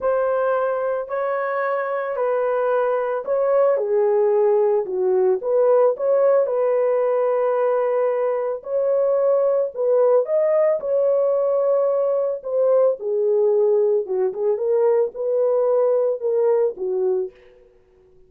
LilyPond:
\new Staff \with { instrumentName = "horn" } { \time 4/4 \tempo 4 = 111 c''2 cis''2 | b'2 cis''4 gis'4~ | gis'4 fis'4 b'4 cis''4 | b'1 |
cis''2 b'4 dis''4 | cis''2. c''4 | gis'2 fis'8 gis'8 ais'4 | b'2 ais'4 fis'4 | }